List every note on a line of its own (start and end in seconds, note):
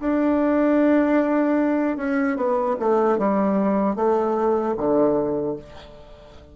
0.00 1.97 D4
1.97 2.36 C#4
2.36 2.76 B3
2.80 3.18 A3
3.18 3.96 G3
3.96 4.75 A3
4.77 5.56 D3